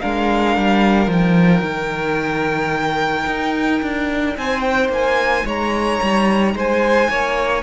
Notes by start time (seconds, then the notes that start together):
0.00 G#3 D4 A#4 F5
0.57 G3
1.07 F3 D#4 G5
1.62 D#3
3.26 D#4
3.81 D4
4.37 C4 C5 G#5
4.60 G5
4.88 A#3 G#5
5.45 G#3 C#5 A#5
6.02 G3
6.54 G#3 C5 G#5
7.09 A#3 C#5